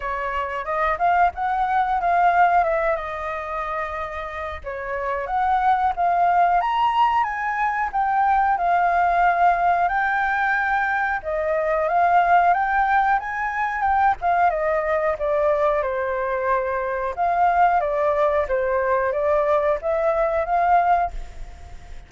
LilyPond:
\new Staff \with { instrumentName = "flute" } { \time 4/4 \tempo 4 = 91 cis''4 dis''8 f''8 fis''4 f''4 | e''8 dis''2~ dis''8 cis''4 | fis''4 f''4 ais''4 gis''4 | g''4 f''2 g''4~ |
g''4 dis''4 f''4 g''4 | gis''4 g''8 f''8 dis''4 d''4 | c''2 f''4 d''4 | c''4 d''4 e''4 f''4 | }